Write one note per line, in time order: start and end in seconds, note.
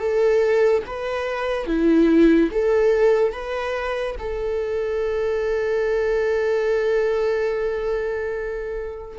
0.00 0.83 A4
0.86 1.67 B4
1.67 2.50 E4
2.52 3.33 A4
3.33 4.16 B4
4.19 9.19 A4